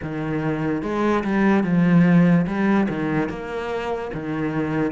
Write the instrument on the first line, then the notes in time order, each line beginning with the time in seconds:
cello
0.02 D#3
0.82 G#3
1.24 G3
1.63 F3
2.46 G3
2.88 D#3
3.29 A#3
4.13 D#3